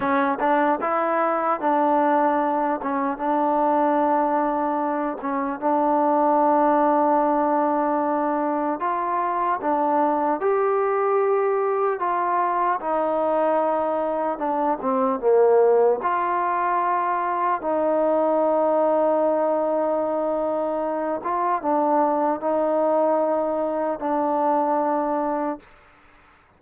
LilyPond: \new Staff \with { instrumentName = "trombone" } { \time 4/4 \tempo 4 = 75 cis'8 d'8 e'4 d'4. cis'8 | d'2~ d'8 cis'8 d'4~ | d'2. f'4 | d'4 g'2 f'4 |
dis'2 d'8 c'8 ais4 | f'2 dis'2~ | dis'2~ dis'8 f'8 d'4 | dis'2 d'2 | }